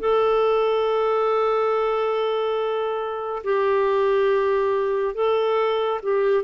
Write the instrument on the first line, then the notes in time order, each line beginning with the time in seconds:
clarinet
0.00 A4
3.44 G4
5.15 A4
6.03 G4